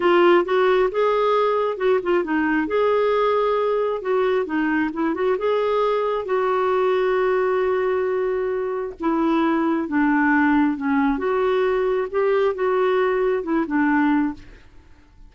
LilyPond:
\new Staff \with { instrumentName = "clarinet" } { \time 4/4 \tempo 4 = 134 f'4 fis'4 gis'2 | fis'8 f'8 dis'4 gis'2~ | gis'4 fis'4 dis'4 e'8 fis'8 | gis'2 fis'2~ |
fis'1 | e'2 d'2 | cis'4 fis'2 g'4 | fis'2 e'8 d'4. | }